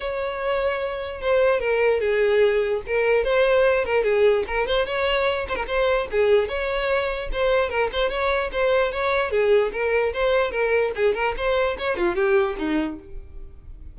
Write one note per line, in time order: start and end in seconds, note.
0.00 1.21 C#5
1.21 1.60 C5
1.60 2.00 A#4
2.00 2.81 G#4
2.87 3.24 A#4
3.24 3.84 C5
3.85 4.03 A#4
4.03 4.44 G#4
4.47 4.66 A#4
4.66 4.85 C5
4.85 5.46 C#5
5.48 5.55 C5
5.55 5.65 A#4
5.67 6.08 C5
6.11 6.48 G#4
6.48 7.29 C#5
7.32 7.69 C5
7.69 7.89 A#4
7.92 8.09 C5
8.09 8.50 C#5
8.51 8.92 C5
8.92 9.30 C#5
9.30 9.71 G#4
9.72 10.12 A#4
10.13 10.51 C5
10.51 10.91 A#4
10.95 11.14 G#4
11.14 11.34 A#4
11.36 11.77 C5
11.78 11.96 C#5
11.96 12.15 F4
12.15 12.55 G4
12.58 12.99 D#4